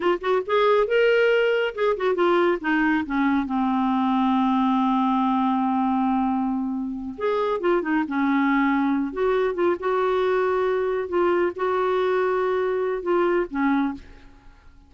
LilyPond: \new Staff \with { instrumentName = "clarinet" } { \time 4/4 \tempo 4 = 138 f'8 fis'8 gis'4 ais'2 | gis'8 fis'8 f'4 dis'4 cis'4 | c'1~ | c'1~ |
c'8 gis'4 f'8 dis'8 cis'4.~ | cis'4 fis'4 f'8 fis'4.~ | fis'4. f'4 fis'4.~ | fis'2 f'4 cis'4 | }